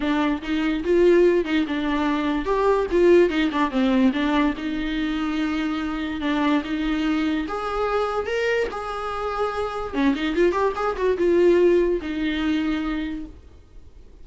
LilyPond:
\new Staff \with { instrumentName = "viola" } { \time 4/4 \tempo 4 = 145 d'4 dis'4 f'4. dis'8 | d'2 g'4 f'4 | dis'8 d'8 c'4 d'4 dis'4~ | dis'2. d'4 |
dis'2 gis'2 | ais'4 gis'2. | cis'8 dis'8 f'8 g'8 gis'8 fis'8 f'4~ | f'4 dis'2. | }